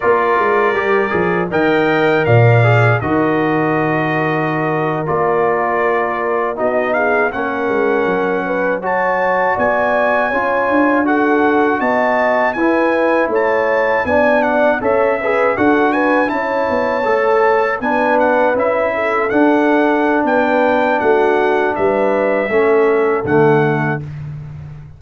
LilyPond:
<<
  \new Staff \with { instrumentName = "trumpet" } { \time 4/4 \tempo 4 = 80 d''2 g''4 f''4 | dis''2~ dis''8. d''4~ d''16~ | d''8. dis''8 f''8 fis''2 a''16~ | a''8. gis''2 fis''4 a''16~ |
a''8. gis''4 a''4 gis''8 fis''8 e''16~ | e''8. fis''8 gis''8 a''2 gis''16~ | gis''16 fis''8 e''4 fis''4~ fis''16 g''4 | fis''4 e''2 fis''4 | }
  \new Staff \with { instrumentName = "horn" } { \time 4/4 ais'2 dis''4 d''4 | ais'1~ | ais'8. fis'8 gis'8 ais'4. b'8 cis''16~ | cis''8. d''4 cis''4 a'4 dis''16~ |
dis''8. b'4 cis''4 d''4 cis''16~ | cis''16 b'8 a'8 b'8 cis''2 b'16~ | b'4~ b'16 a'4.~ a'16 b'4 | fis'4 b'4 a'2 | }
  \new Staff \with { instrumentName = "trombone" } { \time 4/4 f'4 g'8 gis'8 ais'4. gis'8 | fis'2~ fis'8. f'4~ f'16~ | f'8. dis'4 cis'2 fis'16~ | fis'4.~ fis'16 f'4 fis'4~ fis'16~ |
fis'8. e'2 d'4 a'16~ | a'16 gis'8 fis'4 e'4 a'4 d'16~ | d'8. e'4 d'2~ d'16~ | d'2 cis'4 a4 | }
  \new Staff \with { instrumentName = "tuba" } { \time 4/4 ais8 gis8 g8 f8 dis4 ais,4 | dis2~ dis8. ais4~ ais16~ | ais8. b4 ais8 gis8 fis4~ fis16~ | fis8. b4 cis'8 d'4. b16~ |
b8. e'4 a4 b4 cis'16~ | cis'8. d'4 cis'8 b8 a4 b16~ | b8. cis'4 d'4~ d'16 b4 | a4 g4 a4 d4 | }
>>